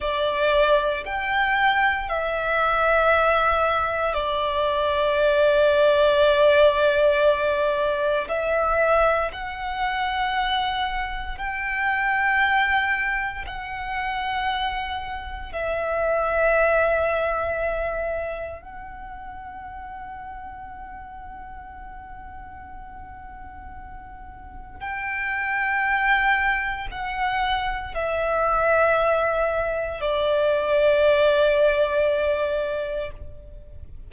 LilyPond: \new Staff \with { instrumentName = "violin" } { \time 4/4 \tempo 4 = 58 d''4 g''4 e''2 | d''1 | e''4 fis''2 g''4~ | g''4 fis''2 e''4~ |
e''2 fis''2~ | fis''1 | g''2 fis''4 e''4~ | e''4 d''2. | }